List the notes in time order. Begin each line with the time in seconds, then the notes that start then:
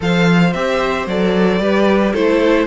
0.00 F3 A4 C5 F5
0.53 C4 G4 E5
1.06 F#3 A4 D5
1.59 G3 G4 B4
2.13 A3 E4 A4 C5